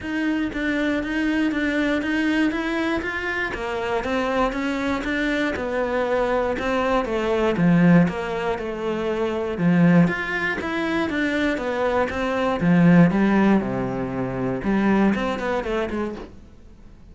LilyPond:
\new Staff \with { instrumentName = "cello" } { \time 4/4 \tempo 4 = 119 dis'4 d'4 dis'4 d'4 | dis'4 e'4 f'4 ais4 | c'4 cis'4 d'4 b4~ | b4 c'4 a4 f4 |
ais4 a2 f4 | f'4 e'4 d'4 b4 | c'4 f4 g4 c4~ | c4 g4 c'8 b8 a8 gis8 | }